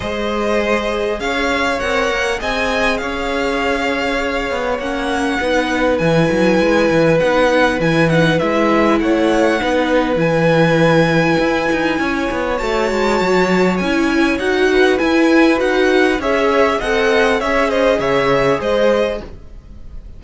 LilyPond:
<<
  \new Staff \with { instrumentName = "violin" } { \time 4/4 \tempo 4 = 100 dis''2 f''4 fis''4 | gis''4 f''2. | fis''2 gis''2 | fis''4 gis''8 fis''8 e''4 fis''4~ |
fis''4 gis''2.~ | gis''4 a''2 gis''4 | fis''4 gis''4 fis''4 e''4 | fis''4 e''8 dis''8 e''4 dis''4 | }
  \new Staff \with { instrumentName = "violin" } { \time 4/4 c''2 cis''2 | dis''4 cis''2.~ | cis''4 b'2.~ | b'2. cis''4 |
b'1 | cis''1~ | cis''8 b'2~ b'8 cis''4 | dis''4 cis''8 c''8 cis''4 c''4 | }
  \new Staff \with { instrumentName = "viola" } { \time 4/4 gis'2. ais'4 | gis'1 | cis'4 dis'4 e'2 | dis'4 e'8 dis'8 e'2 |
dis'4 e'2.~ | e'4 fis'2 e'4 | fis'4 e'4 fis'4 gis'4 | a'4 gis'2. | }
  \new Staff \with { instrumentName = "cello" } { \time 4/4 gis2 cis'4 c'8 ais8 | c'4 cis'2~ cis'8 b8 | ais4 b4 e8 fis8 gis8 e8 | b4 e4 gis4 a4 |
b4 e2 e'8 dis'8 | cis'8 b8 a8 gis8 fis4 cis'4 | dis'4 e'4 dis'4 cis'4 | c'4 cis'4 cis4 gis4 | }
>>